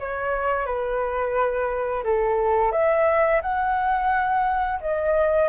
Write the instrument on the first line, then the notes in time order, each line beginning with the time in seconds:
flute
0.00 C#5
0.66 B4
2.04 A4
2.72 E5
3.42 F#5
4.81 D#5